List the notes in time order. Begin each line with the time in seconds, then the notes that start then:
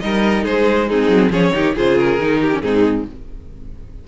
0.00 G3 D#4 A#4 D#5
0.44 G#3 G#4 C5
0.88 C4 D#4 G#4
1.08 F#3
1.30 F3 C#4 G#4 C#5
1.52 D#3 D#4 G4
1.75 C#3 F4 G#4 C5
1.98 A#4
2.18 D#3 D#4
2.40 G4
2.52 C#4
2.61 G#2 C4 D#4 G#4